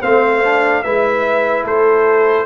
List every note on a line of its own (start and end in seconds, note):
0.00 0.84 A3
0.00 0.42 C4
0.00 0.81 C5
0.00 0.83 F5
0.44 0.84 D4
0.83 1.64 G#3
0.83 2.45 E4
0.83 1.65 B4
0.83 1.64 E5
1.64 2.45 A3
1.64 2.45 A4
1.64 2.45 C5